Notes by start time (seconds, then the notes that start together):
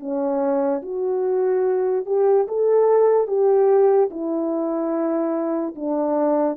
0.00 C#4
0.83 F#4
2.06 G4
2.48 A4
3.28 G4
4.11 E4
5.76 D4